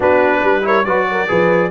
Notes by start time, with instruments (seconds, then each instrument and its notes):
0.00 tuba B3, trombone D4, horn F#4, trumpet B4
0.42 tuba G3, horn B4
0.62 trombone E4, horn A#4, trumpet C#5
0.85 tuba F#3, trombone F#4, horn B4, trumpet D5
1.11 horn A#4
1.28 tuba F3, trombone G#4, horn B4